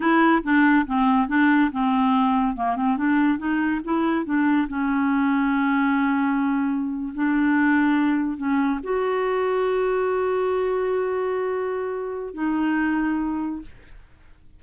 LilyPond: \new Staff \with { instrumentName = "clarinet" } { \time 4/4 \tempo 4 = 141 e'4 d'4 c'4 d'4 | c'2 ais8 c'8 d'4 | dis'4 e'4 d'4 cis'4~ | cis'1~ |
cis'8. d'2. cis'16~ | cis'8. fis'2.~ fis'16~ | fis'1~ | fis'4 dis'2. | }